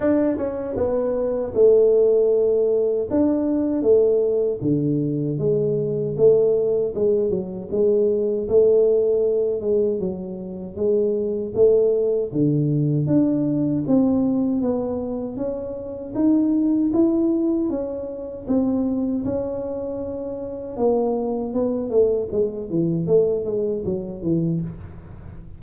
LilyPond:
\new Staff \with { instrumentName = "tuba" } { \time 4/4 \tempo 4 = 78 d'8 cis'8 b4 a2 | d'4 a4 d4 gis4 | a4 gis8 fis8 gis4 a4~ | a8 gis8 fis4 gis4 a4 |
d4 d'4 c'4 b4 | cis'4 dis'4 e'4 cis'4 | c'4 cis'2 ais4 | b8 a8 gis8 e8 a8 gis8 fis8 e8 | }